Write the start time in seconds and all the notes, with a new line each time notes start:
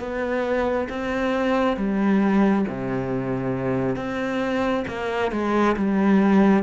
0.00 B3
0.89 C4
1.77 G3
2.69 C3
3.96 C4
4.88 A#3
5.32 G#3
5.77 G3